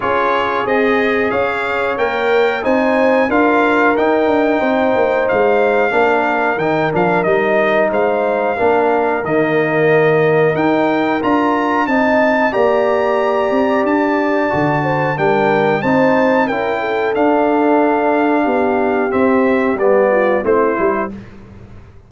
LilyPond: <<
  \new Staff \with { instrumentName = "trumpet" } { \time 4/4 \tempo 4 = 91 cis''4 dis''4 f''4 g''4 | gis''4 f''4 g''2 | f''2 g''8 f''8 dis''4 | f''2 dis''2 |
g''4 ais''4 a''4 ais''4~ | ais''4 a''2 g''4 | a''4 g''4 f''2~ | f''4 e''4 d''4 c''4 | }
  \new Staff \with { instrumentName = "horn" } { \time 4/4 gis'2 cis''2 | c''4 ais'2 c''4~ | c''4 ais'2. | c''4 ais'2.~ |
ais'2 dis''4 d''4~ | d''2~ d''8 c''8 ais'4 | c''4 ais'8 a'2~ a'8 | g'2~ g'8 f'8 e'4 | }
  \new Staff \with { instrumentName = "trombone" } { \time 4/4 f'4 gis'2 ais'4 | dis'4 f'4 dis'2~ | dis'4 d'4 dis'8 d'8 dis'4~ | dis'4 d'4 ais2 |
dis'4 f'4 dis'4 g'4~ | g'2 fis'4 d'4 | dis'4 e'4 d'2~ | d'4 c'4 b4 c'8 e'8 | }
  \new Staff \with { instrumentName = "tuba" } { \time 4/4 cis'4 c'4 cis'4 ais4 | c'4 d'4 dis'8 d'8 c'8 ais8 | gis4 ais4 dis8 f8 g4 | gis4 ais4 dis2 |
dis'4 d'4 c'4 ais4~ | ais8 c'8 d'4 d4 g4 | c'4 cis'4 d'2 | b4 c'4 g4 a8 g8 | }
>>